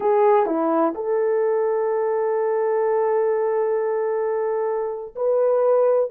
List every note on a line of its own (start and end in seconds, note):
0.00 0.46 G#4
0.46 0.94 E4
0.94 5.14 A4
5.15 6.10 B4